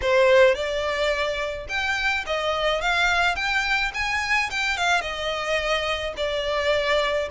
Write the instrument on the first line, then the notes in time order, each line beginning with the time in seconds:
violin
0.01 C5
0.54 D5
1.68 G5
2.26 D#5
2.81 F5
3.35 G5
3.94 G#5
4.50 G5
4.77 F5
5.01 D#5
6.16 D5